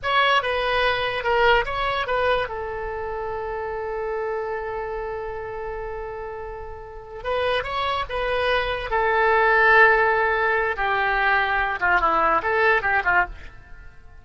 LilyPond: \new Staff \with { instrumentName = "oboe" } { \time 4/4 \tempo 4 = 145 cis''4 b'2 ais'4 | cis''4 b'4 a'2~ | a'1~ | a'1~ |
a'4. b'4 cis''4 b'8~ | b'4. a'2~ a'8~ | a'2 g'2~ | g'8 f'8 e'4 a'4 g'8 f'8 | }